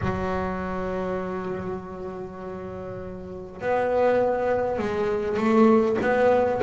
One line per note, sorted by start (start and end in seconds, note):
0.01 3.61 F#3
3.61 4.78 B3
4.78 5.37 G#3
5.37 5.97 A3
6.01 6.61 B3